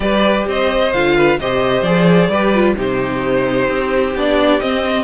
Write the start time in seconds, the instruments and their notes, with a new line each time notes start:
0.00 cello G3, viola G4, violin B4 D5
0.46 cello C4, violin C5 D#5
0.92 cello D3, viola F4, violin F5
1.15 violin B4
1.39 cello C3, viola G4, violin C5 D#5
1.82 cello F3, viola G#4, violin D5
2.28 cello G3, viola G4, violin B4
2.54 viola F4
2.75 cello C3, viola D#4, violin G4 C5
3.69 cello C4
4.14 cello B3, viola D4, violin D5
4.60 viola C4, cello C4, violin D#5